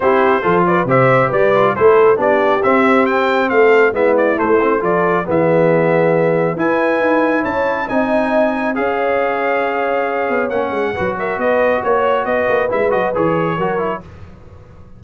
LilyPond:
<<
  \new Staff \with { instrumentName = "trumpet" } { \time 4/4 \tempo 4 = 137 c''4. d''8 e''4 d''4 | c''4 d''4 e''4 g''4 | f''4 e''8 d''8 c''4 d''4 | e''2. gis''4~ |
gis''4 a''4 gis''2 | f''1 | fis''4. e''8 dis''4 cis''4 | dis''4 e''8 dis''8 cis''2 | }
  \new Staff \with { instrumentName = "horn" } { \time 4/4 g'4 a'8 b'8 c''4 b'4 | a'4 g'2. | a'4 e'2 a'4 | gis'2. b'4~ |
b'4 cis''4 dis''2 | cis''1~ | cis''4 b'8 ais'8 b'4 cis''4 | b'2. ais'4 | }
  \new Staff \with { instrumentName = "trombone" } { \time 4/4 e'4 f'4 g'4. f'8 | e'4 d'4 c'2~ | c'4 b4 a8 c'8 f'4 | b2. e'4~ |
e'2 dis'2 | gis'1 | cis'4 fis'2.~ | fis'4 e'8 fis'8 gis'4 fis'8 e'8 | }
  \new Staff \with { instrumentName = "tuba" } { \time 4/4 c'4 f4 c4 g4 | a4 b4 c'2 | a4 gis4 a4 f4 | e2. e'4 |
dis'4 cis'4 c'2 | cis'2.~ cis'8 b8 | ais8 gis8 fis4 b4 ais4 | b8 ais8 gis8 fis8 e4 fis4 | }
>>